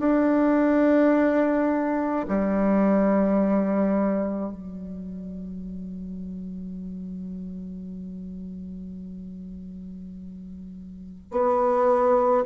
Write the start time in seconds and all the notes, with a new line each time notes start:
0.00 D4
2.29 G3
4.53 F#3
11.32 B3